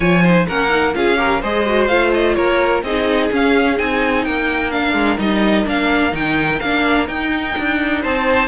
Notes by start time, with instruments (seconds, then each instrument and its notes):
0.00 cello F3, viola F4, violin C#5 G#5
0.22 viola D#4, violin C5
0.47 cello A#3, viola C#4, violin A#4 F#5
0.69 viola D#4
0.93 cello C#4, viola F4, violin G#4 F5
1.16 viola G4, violin A#4
1.41 cello G#3, viola G#4, violin C5 D#5
1.65 viola F#4
1.87 cello A3, viola F4, violin F5
2.13 violin D#5
2.34 cello A#3, violin A#4 C#5
2.82 cello C4, viola D#4, violin G#4 D#5
3.30 viola C#4, cello C#4, violin F5
3.77 cello C4, viola D#4, violin G#5
4.24 cello A#3, violin A#4 G5
4.70 viola D4, violin F5
4.93 cello G#3
5.18 cello G3, viola D#4, violin D#5
5.65 cello A#3, viola D4, violin F5
6.11 cello D#3, viola D#4, violin G5
6.60 cello A#3, viola D4, violin F5
7.07 viola D#4, cello D#4, violin G5
7.58 cello D4
8.01 cello C4, violin C5 A5